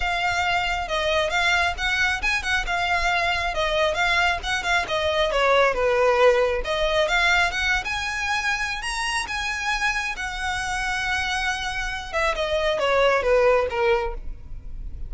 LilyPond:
\new Staff \with { instrumentName = "violin" } { \time 4/4 \tempo 4 = 136 f''2 dis''4 f''4 | fis''4 gis''8 fis''8 f''2 | dis''4 f''4 fis''8 f''8 dis''4 | cis''4 b'2 dis''4 |
f''4 fis''8. gis''2~ gis''16 | ais''4 gis''2 fis''4~ | fis''2.~ fis''8 e''8 | dis''4 cis''4 b'4 ais'4 | }